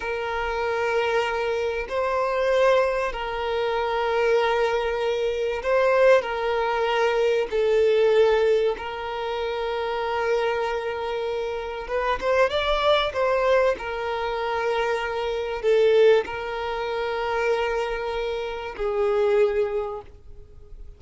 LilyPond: \new Staff \with { instrumentName = "violin" } { \time 4/4 \tempo 4 = 96 ais'2. c''4~ | c''4 ais'2.~ | ais'4 c''4 ais'2 | a'2 ais'2~ |
ais'2. b'8 c''8 | d''4 c''4 ais'2~ | ais'4 a'4 ais'2~ | ais'2 gis'2 | }